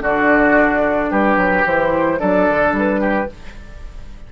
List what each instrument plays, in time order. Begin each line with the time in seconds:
0.00 bassoon D3, clarinet D4, oboe F#4, flute D5
1.10 bassoon G3, oboe G4, flute B4
1.37 bassoon F#3
1.65 bassoon E3, clarinet E4, flute C5
2.17 bassoon F#3, clarinet D4, oboe A4, flute D5
2.49 bassoon D3
2.72 bassoon G3, flute B4
3.00 oboe G4